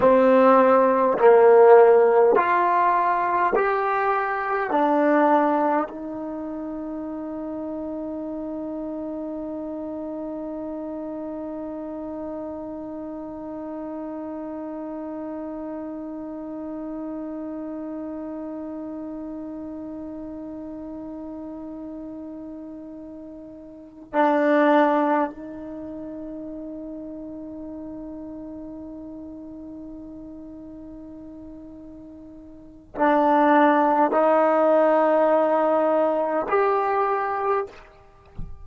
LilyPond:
\new Staff \with { instrumentName = "trombone" } { \time 4/4 \tempo 4 = 51 c'4 ais4 f'4 g'4 | d'4 dis'2.~ | dis'1~ | dis'1~ |
dis'1~ | dis'8 d'4 dis'2~ dis'8~ | dis'1 | d'4 dis'2 g'4 | }